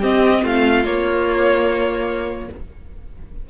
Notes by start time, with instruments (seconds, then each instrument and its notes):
0.00 viola C4, cello C4, violin G4 D#5
0.43 cello A3, violin F4 F5
0.85 cello A#3, viola A#3, violin C#5